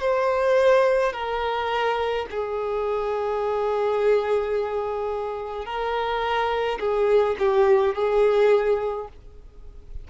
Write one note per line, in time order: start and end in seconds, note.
0.00 1.12 C5
1.12 2.25 A#4
2.30 5.66 G#4
5.66 6.79 A#4
6.79 7.36 G#4
7.38 7.95 G4
7.95 9.08 G#4